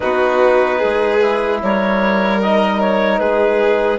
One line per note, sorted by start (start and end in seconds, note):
0.00 0.83 B3
0.00 1.20 D#4
0.00 0.78 F#4
0.00 1.59 B4
0.78 1.62 G#3
0.78 1.58 G#4
1.22 2.42 E4
1.62 3.19 G3
1.62 3.19 A#4
1.62 2.41 C#5
2.41 3.98 D#4
2.41 2.81 D#5
2.81 3.18 C#5
3.18 3.98 G#3
3.18 3.98 G#4
3.18 3.98 B4